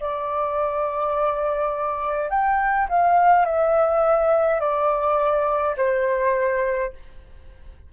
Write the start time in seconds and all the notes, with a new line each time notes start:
0.00 D5
2.30 G5
2.89 F5
3.46 E5
4.60 D5
5.77 C5